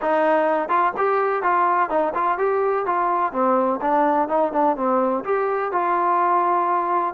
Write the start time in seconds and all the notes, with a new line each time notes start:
0.01 D#4
0.68 F4
0.97 G4
1.43 F4
1.89 D#4
2.14 F4
2.38 G4
2.86 F4
3.32 C4
3.81 D4
4.28 D#4
4.52 D4
4.76 C4
5.24 G4
5.72 F4